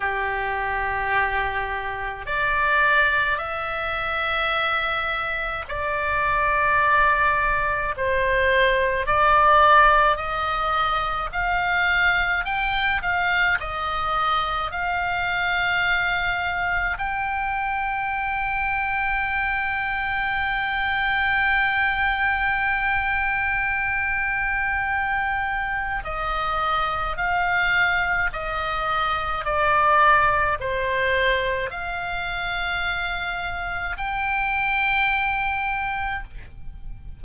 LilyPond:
\new Staff \with { instrumentName = "oboe" } { \time 4/4 \tempo 4 = 53 g'2 d''4 e''4~ | e''4 d''2 c''4 | d''4 dis''4 f''4 g''8 f''8 | dis''4 f''2 g''4~ |
g''1~ | g''2. dis''4 | f''4 dis''4 d''4 c''4 | f''2 g''2 | }